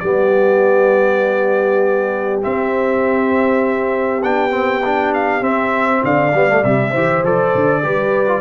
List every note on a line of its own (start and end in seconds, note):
0.00 2.44 G3
0.00 2.42 B3
0.00 6.03 G4
0.00 2.40 D5
2.42 4.22 C4
2.42 4.24 C4
2.42 4.23 E5
4.23 5.42 B3
4.23 4.51 D4
4.23 5.13 G5
4.51 4.81 C4
4.86 5.42 D4
5.14 5.44 F5
5.42 6.02 C4
5.42 6.32 C4
5.42 6.04 E5
6.04 6.34 D3
6.04 6.91 D5
6.04 6.64 F5
6.34 6.64 G3
6.34 6.49 B3
6.49 6.64 A3
6.64 6.94 C3
6.64 6.95 G3
6.64 7.24 E5
6.91 7.24 E3
6.91 7.25 G4
6.91 7.81 C5
7.24 7.54 F3
7.24 7.83 A4
7.24 8.42 D5
7.55 7.84 D3
7.83 8.42 G3
7.83 8.28 G4
7.83 8.42 B4
8.28 8.42 F4